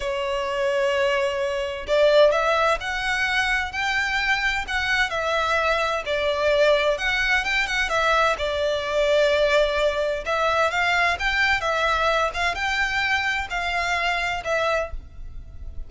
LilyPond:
\new Staff \with { instrumentName = "violin" } { \time 4/4 \tempo 4 = 129 cis''1 | d''4 e''4 fis''2 | g''2 fis''4 e''4~ | e''4 d''2 fis''4 |
g''8 fis''8 e''4 d''2~ | d''2 e''4 f''4 | g''4 e''4. f''8 g''4~ | g''4 f''2 e''4 | }